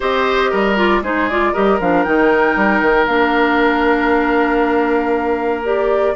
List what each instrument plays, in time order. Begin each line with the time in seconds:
0.00 bassoon C4, clarinet G4, oboe C5, flute D#5
0.50 bassoon G3, oboe A#4
0.76 clarinet F4, flute D5
1.01 bassoon G#3, clarinet D#4, oboe G#4, flute C5
1.29 clarinet F4, flute D5
1.52 bassoon G3, clarinet G4, oboe A#4, flute D#5
1.80 bassoon F3, clarinet D4, flute F5
2.03 bassoon D#3, clarinet D#4, flute G5
2.55 bassoon G3
2.81 bassoon D#3
3.06 bassoon A#3, clarinet D4, flute F5
5.64 clarinet G4, flute D5